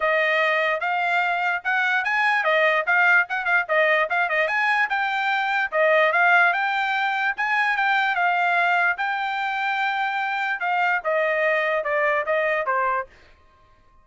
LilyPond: \new Staff \with { instrumentName = "trumpet" } { \time 4/4 \tempo 4 = 147 dis''2 f''2 | fis''4 gis''4 dis''4 f''4 | fis''8 f''8 dis''4 f''8 dis''8 gis''4 | g''2 dis''4 f''4 |
g''2 gis''4 g''4 | f''2 g''2~ | g''2 f''4 dis''4~ | dis''4 d''4 dis''4 c''4 | }